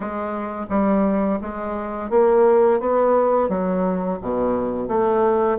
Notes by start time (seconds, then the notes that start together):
0.00 G#3
0.69 G3
1.41 G#3
2.10 A#3
2.80 B3
3.48 F#3
4.21 B2
4.88 A3